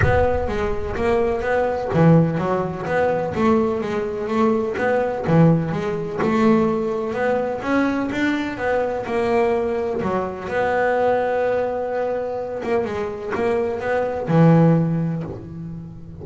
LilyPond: \new Staff \with { instrumentName = "double bass" } { \time 4/4 \tempo 4 = 126 b4 gis4 ais4 b4 | e4 fis4 b4 a4 | gis4 a4 b4 e4 | gis4 a2 b4 |
cis'4 d'4 b4 ais4~ | ais4 fis4 b2~ | b2~ b8 ais8 gis4 | ais4 b4 e2 | }